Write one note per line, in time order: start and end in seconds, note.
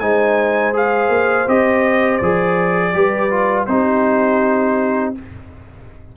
0.00 1.09 G#3
0.00 0.73 D#4
0.00 2.93 C5
0.00 0.73 G#5
0.73 1.47 G#4
0.73 1.49 F5
1.09 1.46 A#3
1.48 2.21 C4
1.48 2.22 G4
1.48 2.18 D#5
2.18 2.95 F3
2.18 2.94 G#4
2.18 3.64 D5
2.94 3.68 G3
2.94 3.31 G4
2.94 3.69 B4
3.31 3.68 F4
3.67 5.14 C4
3.67 5.15 D#4
3.67 5.17 G4
3.67 5.13 C5